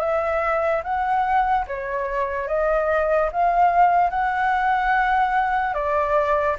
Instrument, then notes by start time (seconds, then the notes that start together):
flute
0.00 E5
0.84 F#5
1.67 C#5
2.48 D#5
3.32 F5
4.10 F#5
5.74 D5